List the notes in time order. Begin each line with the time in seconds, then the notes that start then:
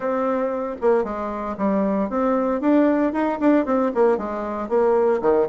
0.00 C4
0.81 A#3
1.03 G#3
1.57 G3
2.09 C4
2.60 D4
3.12 D#4
3.40 D4
3.65 C4
3.94 A#3
4.17 G#3
4.68 A#3
5.21 D#3